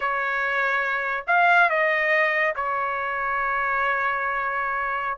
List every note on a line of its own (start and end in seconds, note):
0.00 1.24 C#5
1.27 1.69 F5
1.69 2.54 D#5
2.55 5.18 C#5